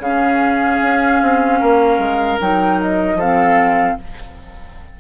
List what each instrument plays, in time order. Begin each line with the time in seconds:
0.00 bassoon C#3, clarinet C#4, oboe G#4, flute F5
0.82 bassoon C#4
1.22 bassoon C4
1.60 bassoon A#3, oboe A#4
1.99 bassoon G#3
2.41 bassoon F#3, clarinet D#4, flute G5
2.81 flute D#5
3.15 bassoon F3, clarinet C4, oboe A4
3.21 flute F5